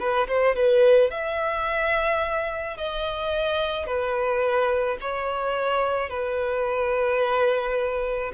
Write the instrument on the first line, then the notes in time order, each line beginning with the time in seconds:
violin
0.00 B4
0.28 C5
0.56 B4
1.11 E5
2.78 D#5
3.87 B4
5.01 C#5
6.10 B4